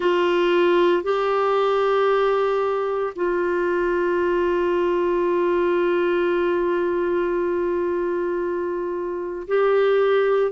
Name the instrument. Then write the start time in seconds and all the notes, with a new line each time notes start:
clarinet
0.00 F4
1.03 G4
3.15 F4
9.47 G4